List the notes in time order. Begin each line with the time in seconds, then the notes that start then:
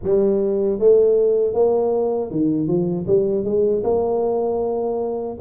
0.03 G3
0.79 A3
1.53 A#3
2.30 D#3
2.67 F3
3.07 G3
3.44 G#3
3.83 A#3